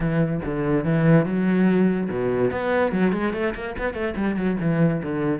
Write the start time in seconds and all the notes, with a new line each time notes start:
0.00 E3
0.44 D3
0.84 E3
1.25 F#3
2.10 B2
2.51 B3
2.91 F#3
3.12 G#3
3.33 A3
3.54 A#3
3.78 B3
3.93 A3
4.16 G3
4.36 F#3
4.60 E3
5.02 D3